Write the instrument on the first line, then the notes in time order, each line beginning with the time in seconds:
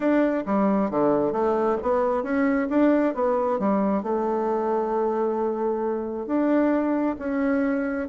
bassoon
0.00 D4
0.46 G3
0.90 D3
1.32 A3
1.82 B3
2.23 C#4
2.69 D4
3.14 B3
3.59 G3
4.02 A3
6.26 D4
7.18 C#4